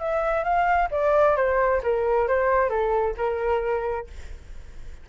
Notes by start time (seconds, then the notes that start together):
0.00 E5
0.44 F5
0.91 D5
1.37 C5
1.84 A#4
2.28 C5
2.70 A4
3.17 A#4